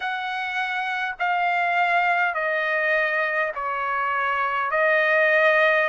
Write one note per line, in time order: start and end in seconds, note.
0.00 1.15 F#5
1.19 2.34 F5
2.34 3.51 D#5
3.55 4.71 C#5
4.71 5.88 D#5